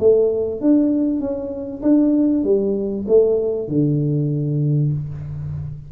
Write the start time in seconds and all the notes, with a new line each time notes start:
0.00 A3
0.61 D4
1.20 C#4
1.82 D4
2.44 G3
3.08 A3
3.69 D3